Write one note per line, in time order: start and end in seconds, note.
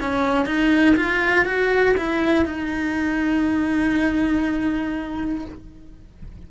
0.00 0.46 C#4
0.46 0.96 D#4
0.96 1.45 F4
1.45 1.95 F#4
1.97 2.45 E4
2.45 5.45 D#4